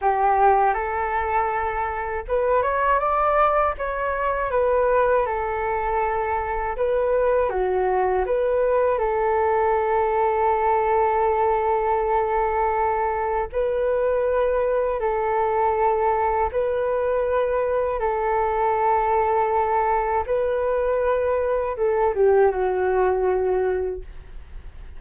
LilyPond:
\new Staff \with { instrumentName = "flute" } { \time 4/4 \tempo 4 = 80 g'4 a'2 b'8 cis''8 | d''4 cis''4 b'4 a'4~ | a'4 b'4 fis'4 b'4 | a'1~ |
a'2 b'2 | a'2 b'2 | a'2. b'4~ | b'4 a'8 g'8 fis'2 | }